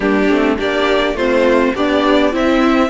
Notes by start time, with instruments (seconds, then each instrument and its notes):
0.00 cello G3, viola A#3, violin D4 G4
0.29 cello A3, viola C4
0.57 cello A#3, viola D4, violin G4 D5
1.13 cello A3, viola C4, violin F4 C5
1.74 cello B3, violin D4 D5, viola G4
2.31 cello C4, violin C4 E5, viola E4